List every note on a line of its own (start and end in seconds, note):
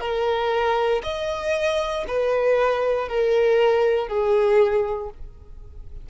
0.00 1.02 A#4
1.03 2.05 D#5
2.07 3.08 B4
3.08 4.08 A#4
4.08 5.09 G#4